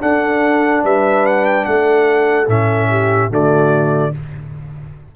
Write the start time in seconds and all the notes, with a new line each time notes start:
0.00 D4 A4 F#5
0.84 G3 B4 E5
1.26 F#5
1.46 G5
1.65 A3 A4 F#5
2.48 A2 C#4 E5
2.90 G4
3.30 D3 A3 F#4 D5